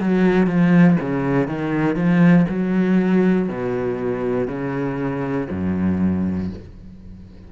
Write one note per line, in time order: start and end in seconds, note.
0.00 0.47 F#3
0.47 0.97 F3
1.00 1.48 C#3
1.48 1.95 D#3
1.95 2.45 F3
2.48 3.48 F#3
3.48 4.48 B2
4.48 5.48 C#3
5.50 6.50 F#2